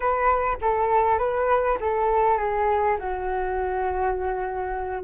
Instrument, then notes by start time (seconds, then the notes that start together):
flute
0.00 B4
0.61 A4
1.18 B4
1.80 A4
2.37 G#4
2.99 F#4